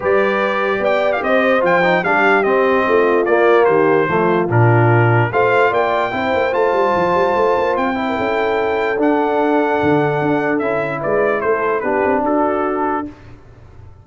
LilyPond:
<<
  \new Staff \with { instrumentName = "trumpet" } { \time 4/4 \tempo 4 = 147 d''2 g''8. f''16 dis''4 | g''4 f''4 dis''2 | d''4 c''2 ais'4~ | ais'4 f''4 g''2 |
a''2. g''4~ | g''2 fis''2~ | fis''2 e''4 d''4 | c''4 b'4 a'2 | }
  \new Staff \with { instrumentName = "horn" } { \time 4/4 b'2 d''4 c''4~ | c''4 g'2 f'4~ | f'4 g'4 f'2~ | f'4 c''4 d''4 c''4~ |
c''2.~ c''8. ais'16 | a'1~ | a'2. b'4 | a'4 g'4 fis'2 | }
  \new Staff \with { instrumentName = "trombone" } { \time 4/4 g'1 | f'8 dis'8 d'4 c'2 | ais2 a4 d'4~ | d'4 f'2 e'4 |
f'2.~ f'8 e'8~ | e'2 d'2~ | d'2 e'2~ | e'4 d'2. | }
  \new Staff \with { instrumentName = "tuba" } { \time 4/4 g2 b4 c'4 | f4 g4 c'4 a4 | ais4 dis4 f4 ais,4~ | ais,4 a4 ais4 c'8 ais8 |
a8 g8 f8 g8 a8 ais8 c'4 | cis'2 d'2 | d4 d'4 cis'4 gis4 | a4 b8 c'8 d'2 | }
>>